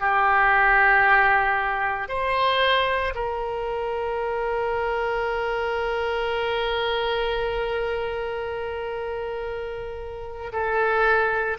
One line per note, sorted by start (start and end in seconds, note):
0.00 2.09 G4
2.09 3.14 C5
3.15 10.52 A#4
10.52 11.57 A4